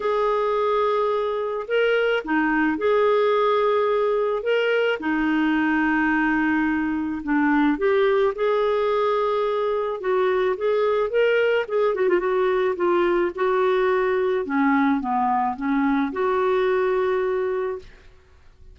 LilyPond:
\new Staff \with { instrumentName = "clarinet" } { \time 4/4 \tempo 4 = 108 gis'2. ais'4 | dis'4 gis'2. | ais'4 dis'2.~ | dis'4 d'4 g'4 gis'4~ |
gis'2 fis'4 gis'4 | ais'4 gis'8 fis'16 f'16 fis'4 f'4 | fis'2 cis'4 b4 | cis'4 fis'2. | }